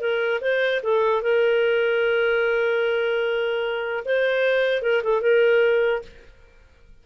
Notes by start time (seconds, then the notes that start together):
0.00 A#4
0.41 C5
0.83 A4
1.22 A#4
4.05 C5
4.82 A#4
5.03 A4
5.21 A#4